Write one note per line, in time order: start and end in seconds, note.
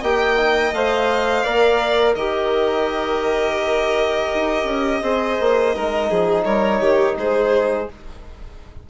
0.00 0.72 A#3
0.00 0.37 G4
0.00 1.43 D#5
0.00 0.74 G5
0.37 0.73 D#4
0.72 1.44 A3
0.72 1.46 C5
0.72 2.15 F5
1.43 2.15 A#3
1.43 2.17 A#4
1.43 2.14 D5
2.15 4.30 D#3
2.15 5.03 G4
2.15 5.01 A#4
2.15 6.43 D#5
4.34 4.64 D#4
4.64 5.00 C#4
5.02 5.37 C4
5.02 5.74 G#4
5.02 5.75 C5
5.40 5.76 A#3
5.74 6.10 G#3
5.74 7.89 D#4
5.74 6.10 A#4
6.10 6.45 F3
6.10 6.45 G#4
6.44 6.81 G3
6.44 6.80 A#4
6.44 7.15 C#5
6.80 7.16 D#3
6.80 7.16 G4
7.16 7.87 G#3
7.16 7.90 G#4
7.16 7.90 C5